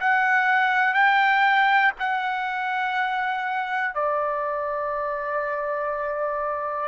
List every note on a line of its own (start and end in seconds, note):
0.00 0.94 F#5
0.94 1.92 G5
1.99 3.94 F#5
3.94 6.88 D5